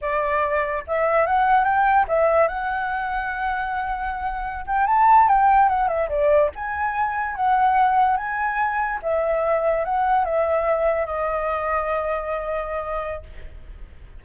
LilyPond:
\new Staff \with { instrumentName = "flute" } { \time 4/4 \tempo 4 = 145 d''2 e''4 fis''4 | g''4 e''4 fis''2~ | fis''2.~ fis''16 g''8 a''16~ | a''8. g''4 fis''8 e''8 d''4 gis''16~ |
gis''4.~ gis''16 fis''2 gis''16~ | gis''4.~ gis''16 e''2 fis''16~ | fis''8. e''2 dis''4~ dis''16~ | dis''1 | }